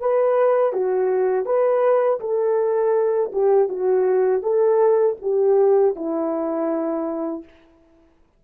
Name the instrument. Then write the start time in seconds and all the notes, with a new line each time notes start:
horn
0.00 B4
0.73 F#4
1.45 B4
2.20 A4
3.33 G4
3.69 F#4
4.42 A4
5.22 G4
5.96 E4